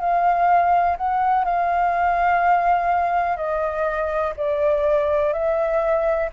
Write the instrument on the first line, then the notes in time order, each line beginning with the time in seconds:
flute
0.00 F5
0.97 F#5
1.44 F5
3.37 D#5
4.36 D5
5.33 E5